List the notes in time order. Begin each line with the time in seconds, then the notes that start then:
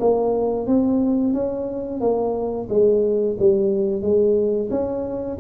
0.00 A#3
0.66 C4
1.34 C#4
2.00 A#3
2.69 G#3
3.39 G3
4.02 G#3
4.70 C#4